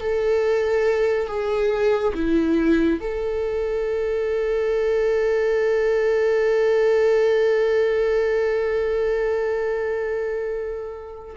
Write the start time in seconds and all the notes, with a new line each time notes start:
0.00 A4
1.28 G#4
2.15 E4
3.00 A4